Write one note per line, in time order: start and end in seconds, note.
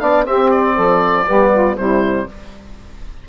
0.00 0.26 B3
0.00 0.25 D4
0.00 0.26 D5
0.00 0.25 F5
0.25 1.26 C4
0.25 0.78 C4
0.25 0.74 G4
0.25 0.51 E5
0.51 1.77 D5
0.74 1.28 F3
0.74 1.25 A4
1.26 1.77 G3
1.26 1.77 B3
1.26 1.51 G4
1.52 1.77 F4
1.77 2.28 C3
1.77 2.28 G3
1.77 2.29 E4
1.77 2.28 C5